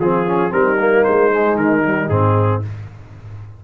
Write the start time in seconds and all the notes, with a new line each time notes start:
0.00 F3 C4 F4 G#4
0.27 C#4
0.51 G3 C4 D#4 A#4
0.80 A#3
1.04 G#3 C5
1.32 G#3
1.56 D#3 A#4
1.85 G3
2.09 G#2 C4 G#4